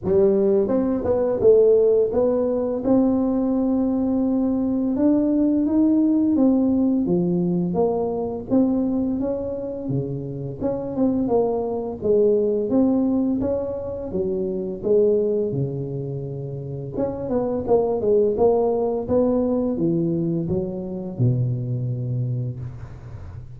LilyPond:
\new Staff \with { instrumentName = "tuba" } { \time 4/4 \tempo 4 = 85 g4 c'8 b8 a4 b4 | c'2. d'4 | dis'4 c'4 f4 ais4 | c'4 cis'4 cis4 cis'8 c'8 |
ais4 gis4 c'4 cis'4 | fis4 gis4 cis2 | cis'8 b8 ais8 gis8 ais4 b4 | e4 fis4 b,2 | }